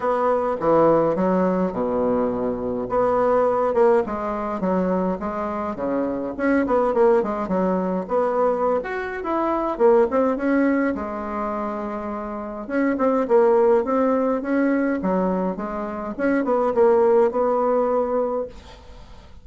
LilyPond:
\new Staff \with { instrumentName = "bassoon" } { \time 4/4 \tempo 4 = 104 b4 e4 fis4 b,4~ | b,4 b4. ais8 gis4 | fis4 gis4 cis4 cis'8 b8 | ais8 gis8 fis4 b4~ b16 fis'8. |
e'4 ais8 c'8 cis'4 gis4~ | gis2 cis'8 c'8 ais4 | c'4 cis'4 fis4 gis4 | cis'8 b8 ais4 b2 | }